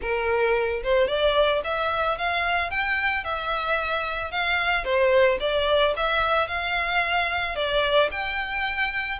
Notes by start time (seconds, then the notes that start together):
0.01 A#4
0.83 C5
1.07 D5
1.64 E5
2.17 F5
2.70 G5
3.24 E5
4.31 F5
4.84 C5
5.40 D5
5.96 E5
6.47 F5
7.55 D5
8.11 G5